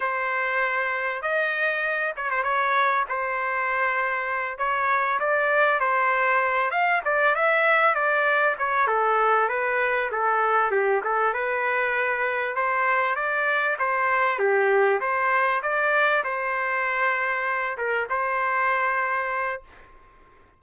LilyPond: \new Staff \with { instrumentName = "trumpet" } { \time 4/4 \tempo 4 = 98 c''2 dis''4. cis''16 c''16 | cis''4 c''2~ c''8 cis''8~ | cis''8 d''4 c''4. f''8 d''8 | e''4 d''4 cis''8 a'4 b'8~ |
b'8 a'4 g'8 a'8 b'4.~ | b'8 c''4 d''4 c''4 g'8~ | g'8 c''4 d''4 c''4.~ | c''4 ais'8 c''2~ c''8 | }